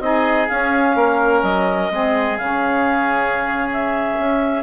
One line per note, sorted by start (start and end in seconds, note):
0.00 0.48 C4
0.00 0.49 D#4
0.00 0.97 G#4
0.00 0.48 D#5
0.48 1.92 C#4
0.48 0.95 C#4
0.48 1.42 F5
0.95 1.43 A#3
0.95 1.92 A#4
1.42 1.90 F#3
1.42 2.37 D#5
1.91 2.39 G#3
1.91 2.39 C4
1.91 4.63 G#4
2.37 4.18 C#3
2.37 4.63 C#4
2.37 3.68 F5
3.72 4.63 E5
4.18 4.63 C#4